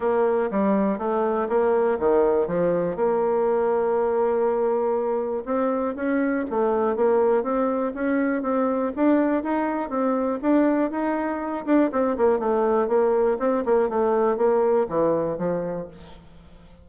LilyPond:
\new Staff \with { instrumentName = "bassoon" } { \time 4/4 \tempo 4 = 121 ais4 g4 a4 ais4 | dis4 f4 ais2~ | ais2. c'4 | cis'4 a4 ais4 c'4 |
cis'4 c'4 d'4 dis'4 | c'4 d'4 dis'4. d'8 | c'8 ais8 a4 ais4 c'8 ais8 | a4 ais4 e4 f4 | }